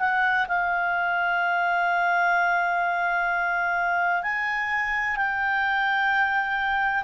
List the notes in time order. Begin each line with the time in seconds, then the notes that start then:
0.00 F#5
0.49 F5
4.23 G#5
5.16 G5